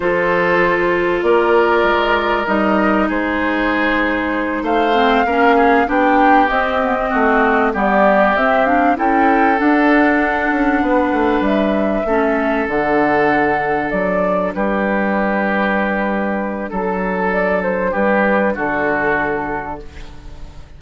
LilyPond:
<<
  \new Staff \with { instrumentName = "flute" } { \time 4/4 \tempo 4 = 97 c''2 d''2 | dis''4 c''2~ c''8 f''8~ | f''4. g''4 dis''4.~ | dis''8 d''4 e''8 f''8 g''4 fis''8~ |
fis''2~ fis''8 e''4.~ | e''8 fis''2 d''4 b'8~ | b'2. a'4 | d''8 c''8 b'4 a'2 | }
  \new Staff \with { instrumentName = "oboe" } { \time 4/4 a'2 ais'2~ | ais'4 gis'2~ gis'8 c''8~ | c''8 ais'8 gis'8 g'2 fis'8~ | fis'8 g'2 a'4.~ |
a'4. b'2 a'8~ | a'2.~ a'8 g'8~ | g'2. a'4~ | a'4 g'4 fis'2 | }
  \new Staff \with { instrumentName = "clarinet" } { \time 4/4 f'1 | dis'1 | c'8 cis'4 d'4 c'8 b16 c'8.~ | c'8 b4 c'8 d'8 e'4 d'8~ |
d'2.~ d'8 cis'8~ | cis'8 d'2.~ d'8~ | d'1~ | d'1 | }
  \new Staff \with { instrumentName = "bassoon" } { \time 4/4 f2 ais4 gis4 | g4 gis2~ gis8 a8~ | a8 ais4 b4 c'4 a8~ | a8 g4 c'4 cis'4 d'8~ |
d'4 cis'8 b8 a8 g4 a8~ | a8 d2 fis4 g8~ | g2. fis4~ | fis4 g4 d2 | }
>>